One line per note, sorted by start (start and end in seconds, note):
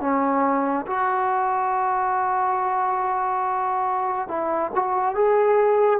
0.00 0.86 C#4
0.86 4.28 F#4
4.28 4.71 E4
4.75 5.15 F#4
5.15 6.00 G#4